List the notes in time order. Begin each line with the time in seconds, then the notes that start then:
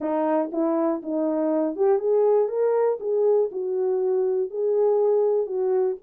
0.00 D#4
0.52 E4
1.02 D#4
1.75 G4
1.98 G#4
2.48 A#4
3.00 G#4
3.51 F#4
4.50 G#4
5.46 F#4